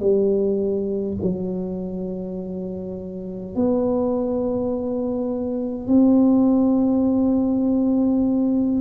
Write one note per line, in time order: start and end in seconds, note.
0.00 1.18 G3
1.22 3.55 F#3
3.55 5.88 B3
5.88 8.81 C4